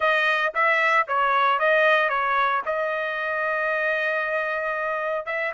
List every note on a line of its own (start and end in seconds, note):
0.00 0.52 D#5
0.54 1.07 E5
1.07 1.59 C#5
1.59 2.09 D#5
2.09 2.62 C#5
2.65 5.26 D#5
5.26 5.52 E5